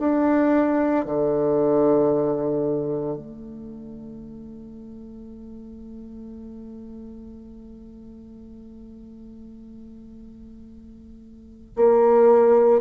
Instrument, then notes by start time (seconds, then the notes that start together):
bassoon
0.00 D4
1.06 D3
3.18 A3
11.77 A#3